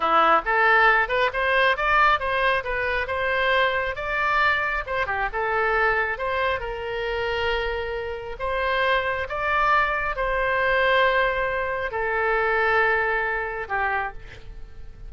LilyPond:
\new Staff \with { instrumentName = "oboe" } { \time 4/4 \tempo 4 = 136 e'4 a'4. b'8 c''4 | d''4 c''4 b'4 c''4~ | c''4 d''2 c''8 g'8 | a'2 c''4 ais'4~ |
ais'2. c''4~ | c''4 d''2 c''4~ | c''2. a'4~ | a'2. g'4 | }